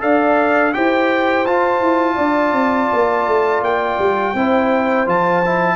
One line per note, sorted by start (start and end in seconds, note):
0.00 0.75 D4
0.00 0.72 A4
0.00 0.75 D5
0.00 0.74 F5
0.74 1.46 E4
0.74 1.46 G4
0.74 2.15 C5
0.74 1.46 G5
1.46 1.80 F4
1.46 4.36 F4
1.46 3.63 A5
1.80 2.17 E4
2.15 2.52 D4
2.15 4.32 D5
2.52 2.88 C4
2.93 3.27 A#3
3.27 3.61 A3
3.61 3.98 A#3
3.61 5.08 G5
3.98 4.34 G3
4.34 5.06 C4
4.34 5.06 E4
4.34 5.76 C5
5.06 5.76 F3
5.06 5.42 F4
5.06 5.76 A5
5.45 5.76 E4